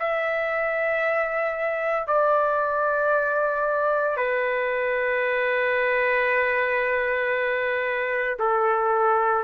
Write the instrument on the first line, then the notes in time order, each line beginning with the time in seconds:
trumpet
0.00 E5
2.08 D5
4.17 B4
8.40 A4